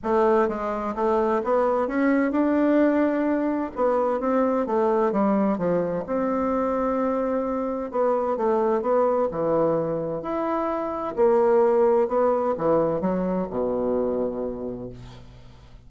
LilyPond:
\new Staff \with { instrumentName = "bassoon" } { \time 4/4 \tempo 4 = 129 a4 gis4 a4 b4 | cis'4 d'2. | b4 c'4 a4 g4 | f4 c'2.~ |
c'4 b4 a4 b4 | e2 e'2 | ais2 b4 e4 | fis4 b,2. | }